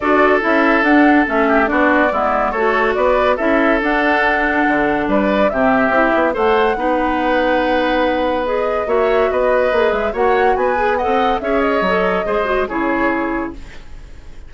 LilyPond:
<<
  \new Staff \with { instrumentName = "flute" } { \time 4/4 \tempo 4 = 142 d''4 e''4 fis''4 e''4 | d''2 cis''4 d''4 | e''4 fis''2. | d''4 e''2 fis''4~ |
fis''1 | dis''4 e''4 dis''4. e''8 | fis''4 gis''4 fis''4 e''8 dis''8~ | dis''2 cis''2 | }
  \new Staff \with { instrumentName = "oboe" } { \time 4/4 a'2.~ a'8 g'8 | fis'4 e'4 a'4 b'4 | a'1 | b'4 g'2 c''4 |
b'1~ | b'4 cis''4 b'2 | cis''4 b'4 dis''4 cis''4~ | cis''4 c''4 gis'2 | }
  \new Staff \with { instrumentName = "clarinet" } { \time 4/4 fis'4 e'4 d'4 cis'4 | d'4 b4 fis'2 | e'4 d'2.~ | d'4 c'4 e'4 a'4 |
dis'1 | gis'4 fis'2 gis'4 | fis'4. gis'8 a'4 gis'4 | a'4 gis'8 fis'8 e'2 | }
  \new Staff \with { instrumentName = "bassoon" } { \time 4/4 d'4 cis'4 d'4 a4 | b4 gis4 a4 b4 | cis'4 d'2 d4 | g4 c4 c'8 b8 a4 |
b1~ | b4 ais4 b4 ais8 gis8 | ais4 b4~ b16 c'8. cis'4 | fis4 gis4 cis2 | }
>>